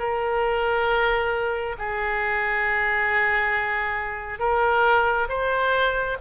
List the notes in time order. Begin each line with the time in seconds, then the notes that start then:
0.00 A#4
1.79 G#4
4.40 A#4
5.29 C5